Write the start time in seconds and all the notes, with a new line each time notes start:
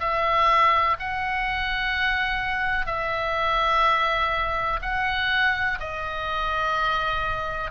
0.00 E5
1.00 F#5
2.86 E5
4.82 F#5
5.80 D#5